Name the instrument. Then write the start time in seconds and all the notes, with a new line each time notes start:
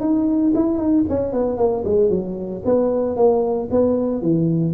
tuba
0.00 D#4
0.55 E4
0.78 D#4
1.09 C#4
1.33 B3
1.57 A#3
1.85 G#3
2.10 F#3
2.65 B3
3.16 A#3
3.71 B3
4.22 E3